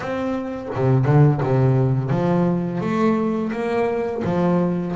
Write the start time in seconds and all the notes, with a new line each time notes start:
0.00 C4
0.75 C3
1.05 D3
1.42 C3
2.10 F3
2.80 A3
3.52 A#3
4.24 F3